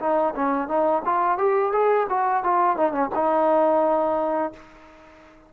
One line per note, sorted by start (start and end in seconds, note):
0.00 0.34 D#4
0.36 0.68 C#4
0.68 1.03 D#4
1.06 1.38 F4
1.38 1.73 G4
1.73 2.08 G#4
2.10 2.44 F#4
2.44 2.77 F4
2.77 2.93 D#4
2.93 3.10 C#4
3.15 4.53 D#4